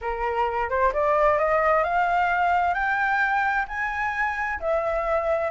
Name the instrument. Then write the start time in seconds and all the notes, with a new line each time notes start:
flute
0.01 A#4
0.69 C5
0.93 D5
1.38 D#5
1.83 F5
2.74 G5
3.68 G#5
4.60 E5